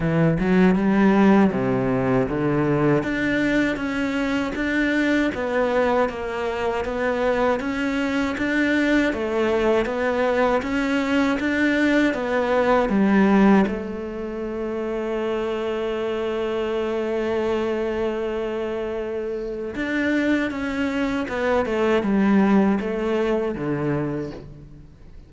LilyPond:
\new Staff \with { instrumentName = "cello" } { \time 4/4 \tempo 4 = 79 e8 fis8 g4 c4 d4 | d'4 cis'4 d'4 b4 | ais4 b4 cis'4 d'4 | a4 b4 cis'4 d'4 |
b4 g4 a2~ | a1~ | a2 d'4 cis'4 | b8 a8 g4 a4 d4 | }